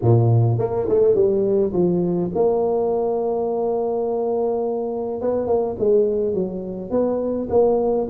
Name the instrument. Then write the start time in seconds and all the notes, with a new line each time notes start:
tuba
0.02 A#2
0.58 A#3
0.89 A3
1.14 G3
1.73 F3
2.34 A#3
5.21 B3
5.47 A#3
5.78 G#3
6.34 F#3
6.90 B3
7.49 A#3